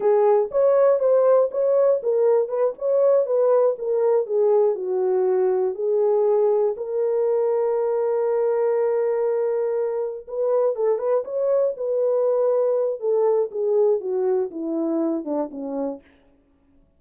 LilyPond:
\new Staff \with { instrumentName = "horn" } { \time 4/4 \tempo 4 = 120 gis'4 cis''4 c''4 cis''4 | ais'4 b'8 cis''4 b'4 ais'8~ | ais'8 gis'4 fis'2 gis'8~ | gis'4. ais'2~ ais'8~ |
ais'1~ | ais'8 b'4 a'8 b'8 cis''4 b'8~ | b'2 a'4 gis'4 | fis'4 e'4. d'8 cis'4 | }